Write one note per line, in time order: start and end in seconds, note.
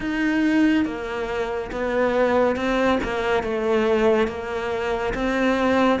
0.00 0.85 D#4
0.85 1.70 A#3
1.71 2.56 B3
2.56 2.98 C4
3.03 3.43 A#3
3.43 4.27 A3
4.27 5.13 A#3
5.14 5.99 C4